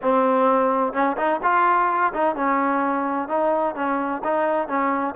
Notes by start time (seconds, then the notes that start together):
0.01 C4
0.93 C#4
1.17 D#4
1.42 F4
2.13 D#4
2.35 C#4
3.28 D#4
3.75 C#4
4.23 D#4
4.67 C#4